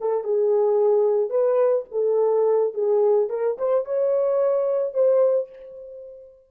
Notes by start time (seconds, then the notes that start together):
0.00 A4
0.23 G#4
1.30 B4
1.91 A4
2.73 G#4
3.29 A#4
3.58 C5
3.84 C#5
4.93 C5